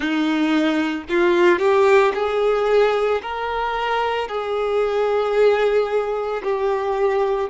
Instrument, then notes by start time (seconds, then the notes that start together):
violin
0.00 D#4
1.09 F4
1.58 G4
2.14 G#4
3.21 A#4
4.28 G#4
6.43 G4